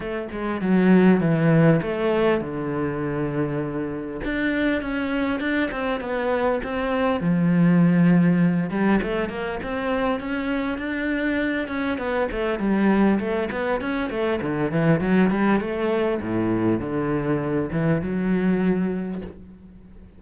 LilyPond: \new Staff \with { instrumentName = "cello" } { \time 4/4 \tempo 4 = 100 a8 gis8 fis4 e4 a4 | d2. d'4 | cis'4 d'8 c'8 b4 c'4 | f2~ f8 g8 a8 ais8 |
c'4 cis'4 d'4. cis'8 | b8 a8 g4 a8 b8 cis'8 a8 | d8 e8 fis8 g8 a4 a,4 | d4. e8 fis2 | }